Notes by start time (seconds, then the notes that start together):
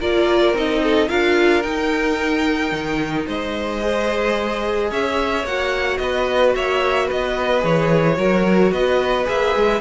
0.00 A#3 F4 A#4 D5
0.53 C4 D#4 D#5
0.84 A4
1.09 D4 F4 A#4 F5
1.63 D#4 G5
2.72 D#3
3.27 G#3 C5 D#5
3.81 G#4
4.91 C#4 C#5 E5
5.44 A#3 F#4 F#5
5.98 B3 B4 D#5
6.56 A#3 C#5 E5
7.06 B4 D#5
7.12 B3
7.60 E3 G#4 C#5
8.16 F#3 F#4 A#4
8.72 B3 B4 D#5
9.25 A#3 G#4 E5
9.56 G#3